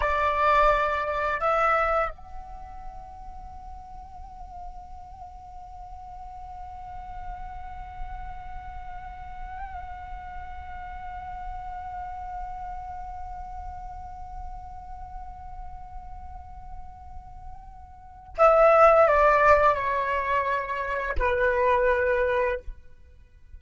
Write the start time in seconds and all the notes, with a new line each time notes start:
0.00 D5
1.39 E5
2.10 F#5
18.37 E5
19.07 D5
19.74 C#5
21.18 B4